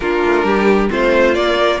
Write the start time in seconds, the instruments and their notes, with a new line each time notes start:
0.00 cello A#3, viola D4, violin F4 A#4
0.25 cello A3
0.44 cello G3, violin G4
0.89 cello A3, viola C4, violin F4 C5
1.34 viola A#3, cello A#3, violin D5
1.59 viola A#4